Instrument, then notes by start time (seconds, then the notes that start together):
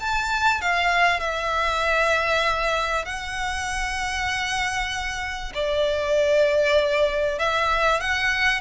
violin
0.00 A5
0.61 F5
1.20 E5
3.05 F#5
5.55 D5
7.39 E5
8.01 F#5